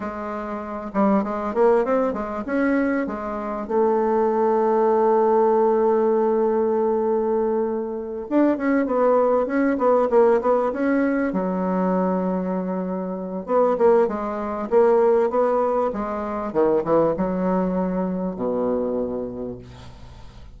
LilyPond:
\new Staff \with { instrumentName = "bassoon" } { \time 4/4 \tempo 4 = 98 gis4. g8 gis8 ais8 c'8 gis8 | cis'4 gis4 a2~ | a1~ | a4. d'8 cis'8 b4 cis'8 |
b8 ais8 b8 cis'4 fis4.~ | fis2 b8 ais8 gis4 | ais4 b4 gis4 dis8 e8 | fis2 b,2 | }